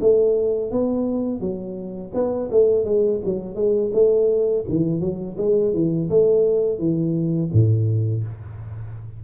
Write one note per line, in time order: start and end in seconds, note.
0.00 0.71 A3
0.71 1.40 B3
1.40 2.11 F#3
2.14 2.49 B3
2.51 2.84 A3
2.84 3.20 G#3
3.24 3.55 F#3
3.55 3.91 G#3
3.93 4.65 A3
4.69 5.00 E3
5.00 5.36 F#3
5.37 5.73 G#3
5.73 6.09 E3
6.09 6.78 A3
6.78 7.50 E3
7.52 8.24 A2